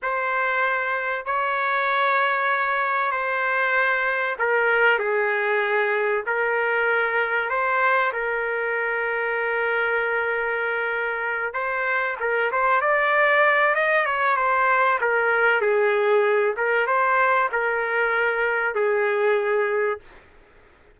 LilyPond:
\new Staff \with { instrumentName = "trumpet" } { \time 4/4 \tempo 4 = 96 c''2 cis''2~ | cis''4 c''2 ais'4 | gis'2 ais'2 | c''4 ais'2.~ |
ais'2~ ais'8 c''4 ais'8 | c''8 d''4. dis''8 cis''8 c''4 | ais'4 gis'4. ais'8 c''4 | ais'2 gis'2 | }